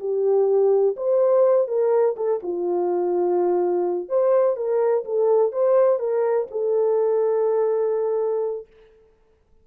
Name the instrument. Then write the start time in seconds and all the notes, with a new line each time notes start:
horn
0.00 G4
0.97 C5
1.68 A#4
2.17 A4
2.43 F4
4.09 C5
4.57 A#4
5.05 A4
5.52 C5
6.00 A#4
6.51 A4